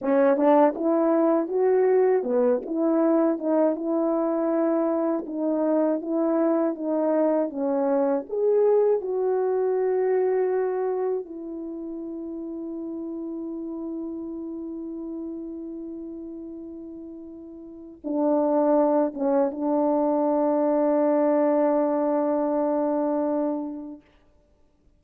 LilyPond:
\new Staff \with { instrumentName = "horn" } { \time 4/4 \tempo 4 = 80 cis'8 d'8 e'4 fis'4 b8 e'8~ | e'8 dis'8 e'2 dis'4 | e'4 dis'4 cis'4 gis'4 | fis'2. e'4~ |
e'1~ | e'1 | d'4. cis'8 d'2~ | d'1 | }